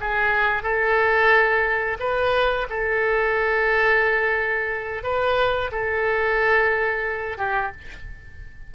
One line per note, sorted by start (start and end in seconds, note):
0.00 0.62 G#4
0.62 1.97 A4
1.99 2.67 B4
2.69 5.03 A4
5.03 5.70 B4
5.71 7.38 A4
7.38 7.71 G4